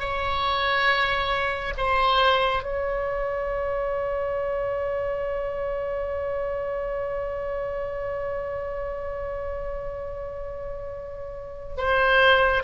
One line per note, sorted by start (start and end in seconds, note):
0.00 1.74 C#5
1.78 2.63 C5
2.63 11.76 C#5
11.78 12.64 C5